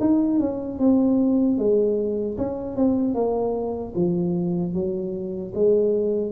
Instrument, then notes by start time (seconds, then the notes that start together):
tuba
0.00 D#4
0.39 C#4
0.79 C4
1.58 G#3
2.37 C#4
2.76 C4
3.14 A#3
3.95 F3
4.73 F#3
5.54 G#3